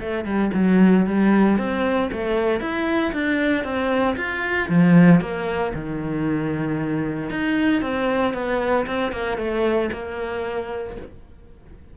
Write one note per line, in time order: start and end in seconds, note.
0.00 0.25 A3
0.25 0.51 G3
0.54 1.06 F#3
1.06 1.58 G3
1.58 2.10 C4
2.12 2.60 A3
2.60 3.12 E4
3.13 3.64 D4
3.64 4.16 C4
4.16 4.68 F4
4.69 5.21 F3
5.21 5.73 A#3
5.74 7.30 D#3
7.30 7.81 D#4
7.81 8.34 C4
8.34 8.86 B3
8.86 9.12 C4
9.12 9.38 A#3
9.38 9.90 A3
9.92 10.97 A#3